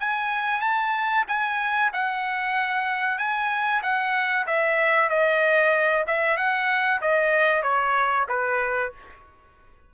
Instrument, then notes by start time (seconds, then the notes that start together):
trumpet
0.00 G#5
0.61 A5
1.28 G#5
1.93 F#5
3.18 G#5
3.82 F#5
4.47 E5
5.09 D#5
6.07 E5
6.37 F#5
7.02 D#5
7.63 C#5
8.29 B4